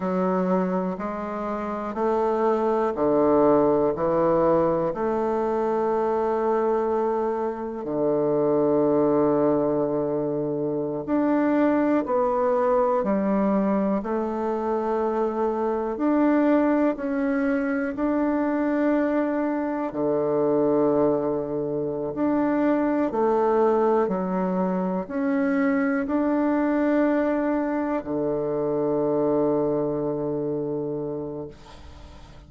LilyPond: \new Staff \with { instrumentName = "bassoon" } { \time 4/4 \tempo 4 = 61 fis4 gis4 a4 d4 | e4 a2. | d2.~ d16 d'8.~ | d'16 b4 g4 a4.~ a16~ |
a16 d'4 cis'4 d'4.~ d'16~ | d'16 d2~ d16 d'4 a8~ | a8 fis4 cis'4 d'4.~ | d'8 d2.~ d8 | }